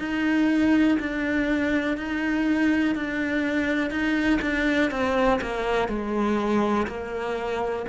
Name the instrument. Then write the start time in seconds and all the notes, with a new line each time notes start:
cello
0.00 D#4
1.00 D4
1.98 D#4
2.96 D4
3.91 D#4
4.42 D4
4.91 C4
5.41 A#3
5.89 G#3
6.88 A#3